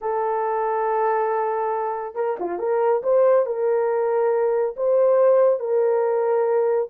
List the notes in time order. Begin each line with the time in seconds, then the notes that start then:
0.01 A4
2.15 A#4
2.39 F4
2.58 A#4
3.03 C5
3.46 A#4
4.76 C5
5.59 A#4